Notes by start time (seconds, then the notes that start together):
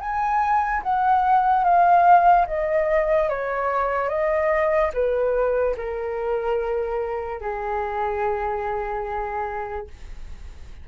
0.00 G#5
0.83 F#5
1.64 F5
2.47 D#5
3.29 C#5
4.09 D#5
4.93 B4
5.76 A#4
7.40 G#4